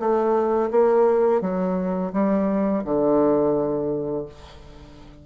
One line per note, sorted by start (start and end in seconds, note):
0.00 0.71 A3
0.71 1.41 A#3
1.41 2.12 F#3
2.13 2.84 G3
2.85 4.26 D3